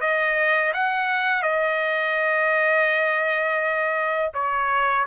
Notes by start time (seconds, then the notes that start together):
0.00 D#5
0.73 F#5
1.42 D#5
4.33 C#5